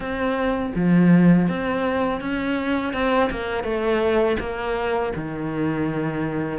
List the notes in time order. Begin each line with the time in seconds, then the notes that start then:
0.00 C4
0.75 F3
1.48 C4
2.21 C#4
2.93 C4
3.30 A#3
3.63 A3
4.39 A#3
5.15 D#3